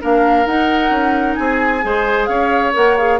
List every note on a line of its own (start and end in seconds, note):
0.00 0.46 A#3
0.00 0.46 D4
0.00 1.39 A#4
0.00 0.46 F5
0.46 0.90 D#4
0.46 1.82 D#4
0.46 1.34 F#5
0.90 1.36 C#4
1.34 1.84 C4
1.34 1.85 G#4
1.34 2.26 G#5
1.82 2.28 G#3
1.82 2.73 G#4
1.82 2.29 C5
2.26 2.74 C#4
2.26 3.20 C#5
2.26 2.72 F5
2.73 3.20 A#3
2.73 2.96 A#4
2.73 2.97 F#5
2.97 3.20 G#4
2.97 3.20 F5